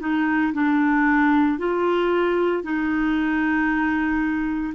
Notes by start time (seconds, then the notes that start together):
0.00 D#4
0.53 D4
1.58 F4
2.63 D#4